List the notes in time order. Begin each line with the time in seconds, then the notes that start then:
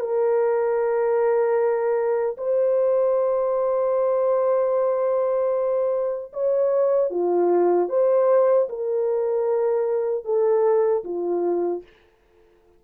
0.00 A#4
2.38 C5
6.33 C#5
7.11 F4
7.89 C5
8.69 A#4
10.25 A4
11.05 F4